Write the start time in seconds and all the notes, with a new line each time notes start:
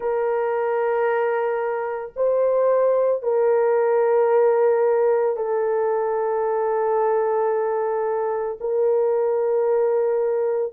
0.00 A#4
2.15 C5
3.22 A#4
5.36 A4
8.60 A#4